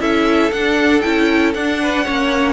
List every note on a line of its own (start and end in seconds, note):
0.00 0.51 C#4
0.00 0.51 E4
0.00 1.81 A4
0.00 0.52 E5
0.52 1.04 D4
0.52 1.03 D4
0.52 1.01 F#5
1.01 1.55 C#4
1.01 1.54 E4
1.01 1.53 G5
1.54 2.06 D4
1.54 2.54 F#5
1.82 2.05 B4
2.05 2.54 A#3
2.05 2.54 C#4
2.05 2.54 C#5